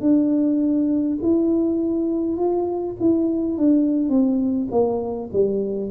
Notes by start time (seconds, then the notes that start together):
0.00 D4
1.22 E4
2.37 F4
2.99 E4
3.58 D4
4.09 C4
4.71 A#3
5.33 G3